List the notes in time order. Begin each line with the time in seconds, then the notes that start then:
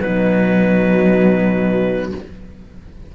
0.00 B2 F#3 D#4 B4